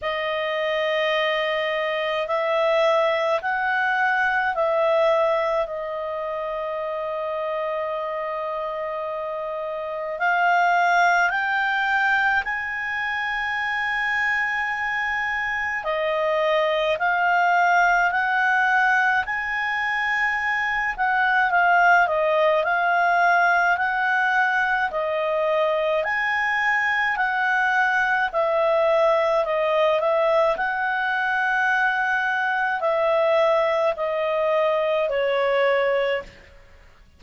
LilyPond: \new Staff \with { instrumentName = "clarinet" } { \time 4/4 \tempo 4 = 53 dis''2 e''4 fis''4 | e''4 dis''2.~ | dis''4 f''4 g''4 gis''4~ | gis''2 dis''4 f''4 |
fis''4 gis''4. fis''8 f''8 dis''8 | f''4 fis''4 dis''4 gis''4 | fis''4 e''4 dis''8 e''8 fis''4~ | fis''4 e''4 dis''4 cis''4 | }